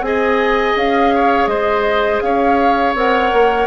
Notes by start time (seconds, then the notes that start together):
0.00 C4 G#4 D#5 G#5
0.76 C#4 F5
1.14 C#5
1.46 G#3 C5 D#5
2.21 C#4 C#5 F5
2.95 C4 A#4 F#5
3.33 A#3